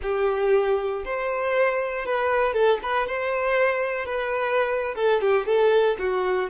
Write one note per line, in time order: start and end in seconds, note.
0.02 1.04 G4
1.04 2.05 C5
2.05 2.53 B4
2.53 2.79 A4
2.82 3.07 B4
3.07 4.05 C5
4.05 4.94 B4
4.95 5.20 A4
5.20 5.45 G4
5.45 5.96 A4
5.99 6.49 F#4